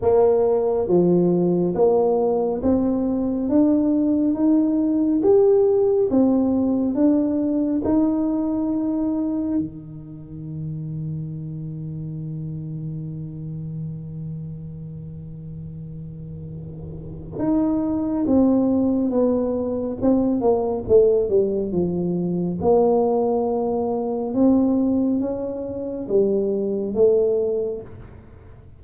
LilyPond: \new Staff \with { instrumentName = "tuba" } { \time 4/4 \tempo 4 = 69 ais4 f4 ais4 c'4 | d'4 dis'4 g'4 c'4 | d'4 dis'2 dis4~ | dis1~ |
dis1 | dis'4 c'4 b4 c'8 ais8 | a8 g8 f4 ais2 | c'4 cis'4 g4 a4 | }